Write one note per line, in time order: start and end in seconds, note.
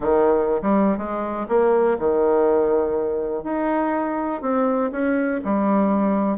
0.00 0.61 D#3
0.61 0.97 G3
0.97 1.46 G#3
1.48 1.97 A#3
1.98 3.43 D#3
3.43 4.41 D#4
4.41 4.90 C4
4.91 5.40 C#4
5.44 6.37 G3